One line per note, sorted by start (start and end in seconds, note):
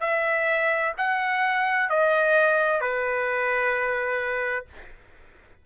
0.00 0.92 E5
0.97 1.89 F#5
1.89 2.81 D#5
2.81 4.65 B4